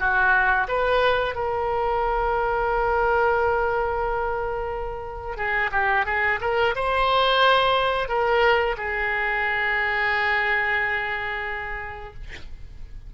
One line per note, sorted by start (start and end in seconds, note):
0.00 0.67 F#4
0.68 1.35 B4
1.35 5.37 A#4
5.37 5.71 G#4
5.72 6.06 G4
6.06 6.40 G#4
6.41 6.75 A#4
6.75 8.09 C5
8.09 8.76 A#4
8.77 12.14 G#4